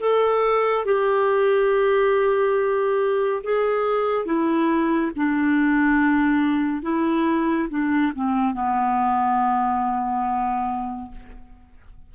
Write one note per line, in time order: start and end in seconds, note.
0.00 0.85 A4
0.85 3.42 G4
3.44 4.26 G#4
4.26 5.12 E4
5.16 6.83 D4
6.83 7.69 E4
7.70 8.13 D4
8.15 8.54 C4
8.54 11.12 B3